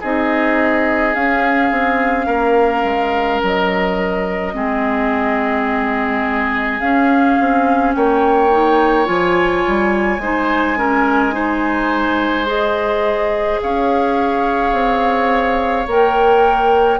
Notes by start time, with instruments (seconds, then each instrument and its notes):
0.00 bassoon C4, clarinet D#4, oboe G#4, flute D#5
1.14 clarinet C#4, bassoon C#4, flute F5
1.71 bassoon C4
2.26 bassoon A#3, oboe A#4
2.83 bassoon G#3
3.42 bassoon F#3, flute D#5
4.53 bassoon G#3, clarinet C4, oboe G#4
6.79 bassoon C#4, clarinet C#4, flute F5
7.39 bassoon C4
7.94 bassoon A#3, oboe C#5, flute G5
8.51 clarinet D#4
9.04 bassoon F3, clarinet F4, flute G#5
9.67 bassoon G3
10.18 bassoon G#3, clarinet D#4, oboe C5
10.76 clarinet C#4, oboe A#4
11.31 clarinet D#4, oboe C5
12.46 clarinet G#4, flute D#5
13.62 bassoon C#4, oboe C#5, flute F5
14.72 bassoon C4
15.87 bassoon A#3, clarinet A#4, flute G5